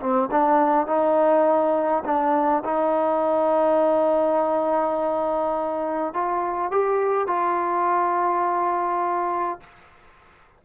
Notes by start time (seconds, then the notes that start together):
0.00 C4
0.31 D4
0.87 D#4
2.05 D4
2.65 D#4
6.14 F4
6.71 G4
7.27 F4